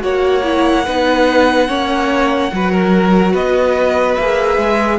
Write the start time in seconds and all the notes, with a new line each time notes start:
0.00 A#3 F#4 C#5 F#5
0.44 E4
0.85 B3 D#4 B4
1.68 A#3 C#4 C#5
2.52 F#3 F#4 B4
2.71 A#4
3.33 B3 B4 D#5
4.16 A#3 G#4 E5
4.57 G#3